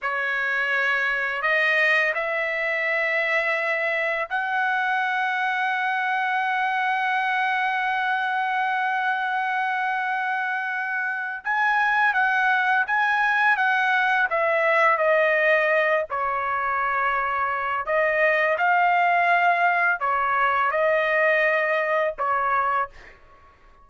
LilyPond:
\new Staff \with { instrumentName = "trumpet" } { \time 4/4 \tempo 4 = 84 cis''2 dis''4 e''4~ | e''2 fis''2~ | fis''1~ | fis''1 |
gis''4 fis''4 gis''4 fis''4 | e''4 dis''4. cis''4.~ | cis''4 dis''4 f''2 | cis''4 dis''2 cis''4 | }